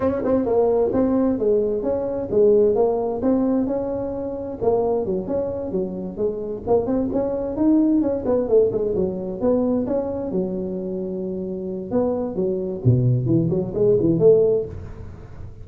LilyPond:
\new Staff \with { instrumentName = "tuba" } { \time 4/4 \tempo 4 = 131 cis'8 c'8 ais4 c'4 gis4 | cis'4 gis4 ais4 c'4 | cis'2 ais4 fis8 cis'8~ | cis'8 fis4 gis4 ais8 c'8 cis'8~ |
cis'8 dis'4 cis'8 b8 a8 gis8 fis8~ | fis8 b4 cis'4 fis4.~ | fis2 b4 fis4 | b,4 e8 fis8 gis8 e8 a4 | }